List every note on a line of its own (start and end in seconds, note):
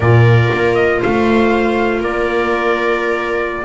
0.00 0.50 A#2
0.00 3.65 F4
0.00 0.99 A#4
0.00 0.75 D5
0.52 1.03 A#3
0.75 1.00 D#5
0.99 2.00 A3
0.99 2.00 C5
0.99 2.03 F5
2.00 3.64 A#3
2.00 3.64 A#4
2.00 3.65 D5